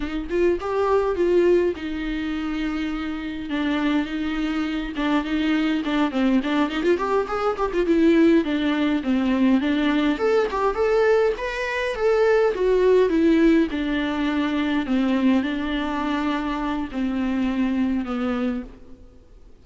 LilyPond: \new Staff \with { instrumentName = "viola" } { \time 4/4 \tempo 4 = 103 dis'8 f'8 g'4 f'4 dis'4~ | dis'2 d'4 dis'4~ | dis'8 d'8 dis'4 d'8 c'8 d'8 dis'16 f'16 | g'8 gis'8 g'16 f'16 e'4 d'4 c'8~ |
c'8 d'4 a'8 g'8 a'4 b'8~ | b'8 a'4 fis'4 e'4 d'8~ | d'4. c'4 d'4.~ | d'4 c'2 b4 | }